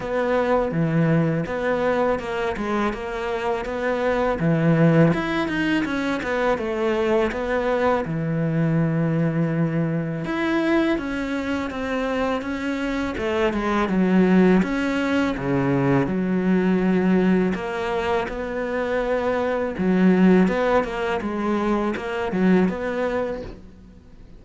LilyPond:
\new Staff \with { instrumentName = "cello" } { \time 4/4 \tempo 4 = 82 b4 e4 b4 ais8 gis8 | ais4 b4 e4 e'8 dis'8 | cis'8 b8 a4 b4 e4~ | e2 e'4 cis'4 |
c'4 cis'4 a8 gis8 fis4 | cis'4 cis4 fis2 | ais4 b2 fis4 | b8 ais8 gis4 ais8 fis8 b4 | }